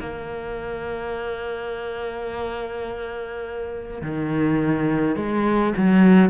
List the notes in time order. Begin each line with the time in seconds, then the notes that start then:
0.00 A#3
4.02 D#3
5.16 G#3
5.77 F#3